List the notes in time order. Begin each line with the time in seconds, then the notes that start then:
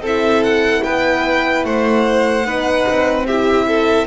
0.00 C4 E4 A4
0.07 E5
0.44 F#5
0.83 B3 B4 G5
1.65 A3 C5 F#5
2.45 B3 D#4 B4
2.88 C4
3.27 E4 G4 E5
3.68 A4